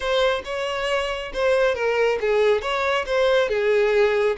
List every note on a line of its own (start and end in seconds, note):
0.00 0.42 C5
0.44 1.32 C#5
1.33 1.74 C5
1.74 2.18 A#4
2.20 2.61 G#4
2.61 3.05 C#5
3.06 3.48 C5
3.48 4.36 G#4